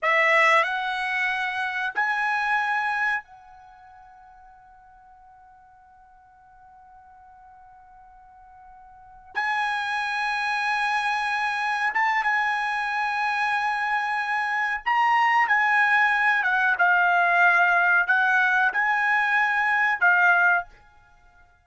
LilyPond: \new Staff \with { instrumentName = "trumpet" } { \time 4/4 \tempo 4 = 93 e''4 fis''2 gis''4~ | gis''4 fis''2.~ | fis''1~ | fis''2~ fis''8 gis''4.~ |
gis''2~ gis''8 a''8 gis''4~ | gis''2. ais''4 | gis''4. fis''8 f''2 | fis''4 gis''2 f''4 | }